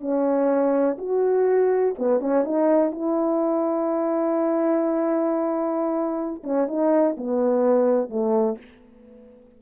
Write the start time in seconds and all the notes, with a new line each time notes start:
0.00 C#4
0.97 F#4
1.98 B3
2.20 C#4
2.44 D#4
2.91 E4
6.43 C#4
6.67 D#4
7.17 B3
8.09 A3